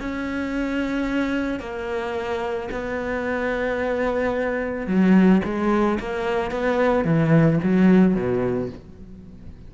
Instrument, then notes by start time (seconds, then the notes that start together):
cello
0.00 C#4
1.60 A#3
2.72 B3
4.87 F#3
5.45 G#3
6.00 A#3
6.52 B3
7.05 E3
7.64 F#3
8.15 B2